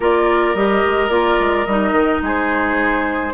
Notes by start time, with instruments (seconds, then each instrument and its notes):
0.00 bassoon A#3, clarinet F4, oboe A#4, flute D5
0.54 bassoon G3, clarinet G4, flute D#5
0.85 bassoon G#3
1.08 bassoon A#3, clarinet F4, flute D5
1.39 bassoon G#3
1.65 bassoon G3, clarinet D#4, flute D#5
1.92 bassoon D#3
2.21 bassoon G#3, oboe G#4, flute C5